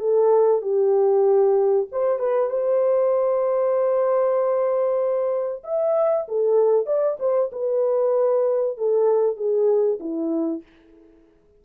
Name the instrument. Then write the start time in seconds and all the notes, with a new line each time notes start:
horn
0.00 A4
0.62 G4
1.92 C5
2.19 B4
2.50 C5
5.64 E5
6.28 A4
6.86 D5
7.20 C5
7.52 B4
8.78 A4
9.37 G#4
10.00 E4